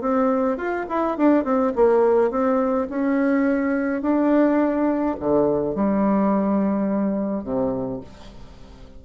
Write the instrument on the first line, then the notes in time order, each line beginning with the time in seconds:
bassoon
0.00 C4
0.57 F4
0.89 E4
1.17 D4
1.44 C4
1.75 A#3
2.30 C4
2.89 C#4
4.01 D4
5.19 D3
5.75 G3
7.43 C3